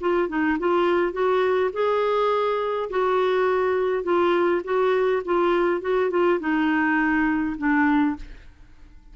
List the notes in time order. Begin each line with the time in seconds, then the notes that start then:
0.00 F4
0.28 D#4
0.59 F4
1.12 F#4
1.73 G#4
2.89 F#4
4.03 F4
4.64 F#4
5.25 F4
5.81 F#4
6.10 F4
6.39 D#4
7.58 D4